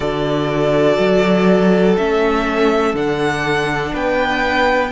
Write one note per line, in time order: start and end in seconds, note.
0.00 0.97 D3
0.00 1.97 F#4
0.00 3.92 A4
0.00 1.95 D5
0.98 1.96 F#3
1.97 2.93 A3
1.97 2.95 C#4
1.97 2.95 E5
2.93 3.92 D3
2.93 4.92 D4
2.93 3.94 F#5
3.92 4.92 B3
3.92 4.91 B4
3.92 4.92 G5